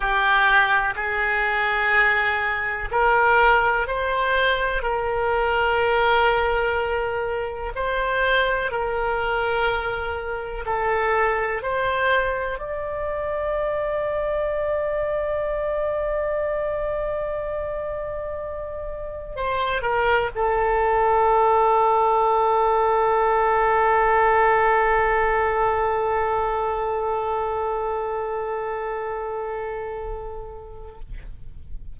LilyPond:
\new Staff \with { instrumentName = "oboe" } { \time 4/4 \tempo 4 = 62 g'4 gis'2 ais'4 | c''4 ais'2. | c''4 ais'2 a'4 | c''4 d''2.~ |
d''1 | c''8 ais'8 a'2.~ | a'1~ | a'1 | }